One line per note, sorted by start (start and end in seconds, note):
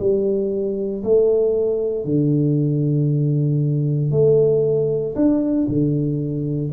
0.00 1.03 G3
1.04 2.05 A3
2.05 4.11 D3
4.11 5.15 A3
5.16 5.68 D4
5.68 6.72 D3